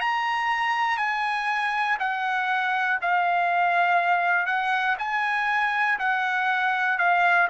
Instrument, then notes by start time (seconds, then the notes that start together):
trumpet
0.00 A#5
0.98 G#5
2.00 F#5
3.02 F5
4.46 F#5
4.99 G#5
6.00 F#5
6.98 F5